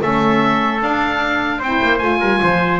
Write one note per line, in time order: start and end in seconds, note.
0.00 0.82 A3
0.00 0.80 C#4
0.00 1.58 A4
0.00 0.82 E5
0.80 1.60 D4
0.80 1.62 F5
1.58 1.80 C4
1.58 2.18 C5
1.58 1.98 G5
1.65 2.00 E4
1.82 2.01 A#3
1.98 2.20 A3
1.98 2.80 F4
1.98 2.78 G#5
2.20 2.40 G3
2.20 2.40 A#4
2.43 2.80 F3
2.43 2.80 C5